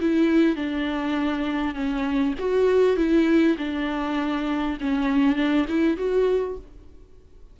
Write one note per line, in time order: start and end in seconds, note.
0.00 0.55 E4
0.55 1.74 D4
1.74 2.34 C#4
2.39 2.96 F#4
2.96 3.56 E4
3.58 4.78 D4
4.80 5.35 C#4
5.35 5.65 D4
5.68 5.97 E4
5.97 6.57 F#4